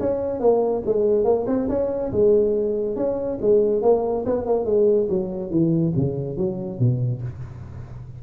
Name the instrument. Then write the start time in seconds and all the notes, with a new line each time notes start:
tuba
0.00 C#4
0.40 A#3
0.85 G#3
1.24 A#3
1.47 C4
1.69 C#4
2.12 G#3
2.96 C#4
3.41 G#3
3.82 A#3
4.26 B3
4.46 A#3
4.65 G#3
5.09 F#3
5.50 E3
5.96 C#3
6.37 F#3
6.79 B2